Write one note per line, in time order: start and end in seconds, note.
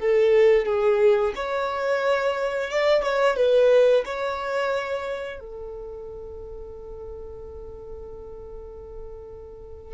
0.00 0.66 A4
0.66 1.33 G#4
1.36 2.70 C#5
2.70 3.03 D5
3.03 3.37 C#5
3.37 4.04 B4
4.05 5.40 C#5
5.40 9.94 A4